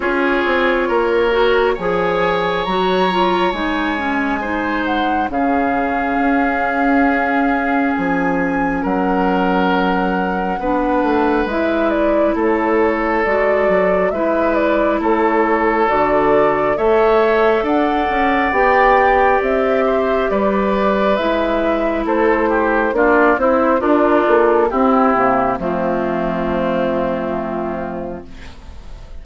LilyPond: <<
  \new Staff \with { instrumentName = "flute" } { \time 4/4 \tempo 4 = 68 cis''2 gis''4 ais''4 | gis''4. fis''8 f''2~ | f''4 gis''4 fis''2~ | fis''4 e''8 d''8 cis''4 d''4 |
e''8 d''8 cis''4 d''4 e''4 | fis''4 g''4 e''4 d''4 | e''4 c''4 d''8 c''8 ais'8 a'8 | g'4 f'2. | }
  \new Staff \with { instrumentName = "oboe" } { \time 4/4 gis'4 ais'4 cis''2~ | cis''4 c''4 gis'2~ | gis'2 ais'2 | b'2 a'2 |
b'4 a'2 cis''4 | d''2~ d''8 c''8 b'4~ | b'4 a'8 g'8 f'8 e'8 d'4 | e'4 c'2. | }
  \new Staff \with { instrumentName = "clarinet" } { \time 4/4 f'4. fis'8 gis'4 fis'8 f'8 | dis'8 cis'8 dis'4 cis'2~ | cis'1 | d'4 e'2 fis'4 |
e'2 fis'4 a'4~ | a'4 g'2. | e'2 d'8 e'8 f'4 | c'8 ais8 a2. | }
  \new Staff \with { instrumentName = "bassoon" } { \time 4/4 cis'8 c'8 ais4 f4 fis4 | gis2 cis4 cis'4~ | cis'4 f4 fis2 | b8 a8 gis4 a4 gis8 fis8 |
gis4 a4 d4 a4 | d'8 cis'8 b4 c'4 g4 | gis4 a4 ais8 c'8 d'8 ais8 | c'8 c8 f2. | }
>>